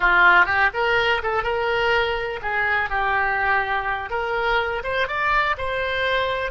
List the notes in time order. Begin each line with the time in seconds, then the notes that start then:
0.00 F4
0.45 G4
0.73 A#4
1.23 A4
1.43 A#4
2.42 G#4
2.89 G4
4.10 A#4
4.83 C5
5.07 D5
5.57 C5